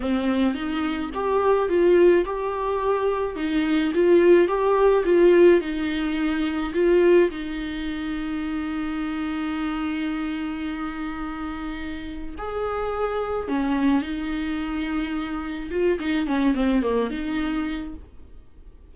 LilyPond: \new Staff \with { instrumentName = "viola" } { \time 4/4 \tempo 4 = 107 c'4 dis'4 g'4 f'4 | g'2 dis'4 f'4 | g'4 f'4 dis'2 | f'4 dis'2.~ |
dis'1~ | dis'2 gis'2 | cis'4 dis'2. | f'8 dis'8 cis'8 c'8 ais8 dis'4. | }